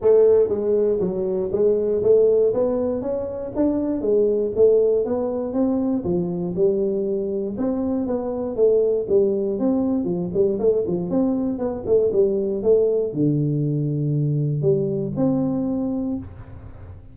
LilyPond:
\new Staff \with { instrumentName = "tuba" } { \time 4/4 \tempo 4 = 119 a4 gis4 fis4 gis4 | a4 b4 cis'4 d'4 | gis4 a4 b4 c'4 | f4 g2 c'4 |
b4 a4 g4 c'4 | f8 g8 a8 f8 c'4 b8 a8 | g4 a4 d2~ | d4 g4 c'2 | }